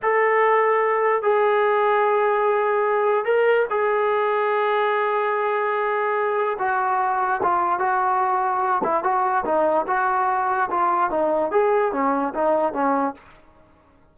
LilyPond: \new Staff \with { instrumentName = "trombone" } { \time 4/4 \tempo 4 = 146 a'2. gis'4~ | gis'1 | ais'4 gis'2.~ | gis'1 |
fis'2 f'4 fis'4~ | fis'4. e'8 fis'4 dis'4 | fis'2 f'4 dis'4 | gis'4 cis'4 dis'4 cis'4 | }